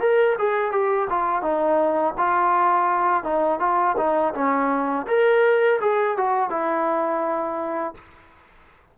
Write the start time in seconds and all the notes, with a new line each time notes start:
0.00 A#4
0.38 G#4
0.72 G4
1.09 F4
1.42 D#4
2.18 F4
3.23 D#4
3.59 F4
3.97 D#4
4.34 C#4
5.07 A#4
5.81 G#4
6.17 F#4
6.50 E4